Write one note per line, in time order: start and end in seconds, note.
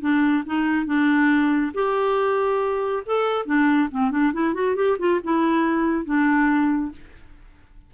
0.00 0.43 D4
0.46 0.86 D#4
0.86 1.72 D4
1.74 3.03 G4
3.06 3.45 A4
3.45 3.88 D4
3.91 4.10 C4
4.10 4.32 D4
4.33 4.54 E4
4.54 4.75 F#4
4.75 4.97 G4
4.99 5.20 F4
5.23 6.05 E4
6.05 6.91 D4